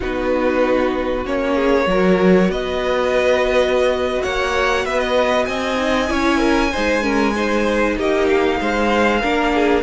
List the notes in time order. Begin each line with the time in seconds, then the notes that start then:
0.00 B3 D#4 F#4 B4
1.25 A#3 C#4 C#5
1.54 G#4
1.86 F#3 F#4 A#4
2.48 B3 B4 D#5
4.22 A#3 C#5 F#5
4.84 B3 B4 E5
4.99 D#5
5.45 C4 D#5 G#5
5.75 D#4
6.08 C#4 E4 C#5
6.38 A#4
6.72 G#3 D#4 C5
7.02 C#4 A#4
7.35 D#4 C5
7.97 A#3 G4 D#5
8.28 F5
8.60 G#3 C5
9.21 A#3 D4 A#4
9.54 G#4